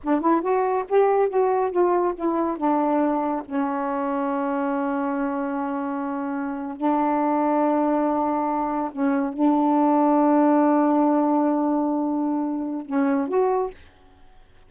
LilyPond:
\new Staff \with { instrumentName = "saxophone" } { \time 4/4 \tempo 4 = 140 d'8 e'8 fis'4 g'4 fis'4 | f'4 e'4 d'2 | cis'1~ | cis'2.~ cis'8. d'16~ |
d'1~ | d'8. cis'4 d'2~ d'16~ | d'1~ | d'2 cis'4 fis'4 | }